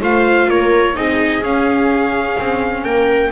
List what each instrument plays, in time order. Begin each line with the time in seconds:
0.00 double bass A3, viola F4 C5, trumpet F5
0.48 double bass A#3, viola A#4, trumpet C#5
0.94 double bass C4, viola D#4 G#4, trumpet D#5
1.42 double bass C#4, viola C#4, trumpet F5
2.39 double bass C4
2.84 double bass A#3, viola A#4, trumpet G5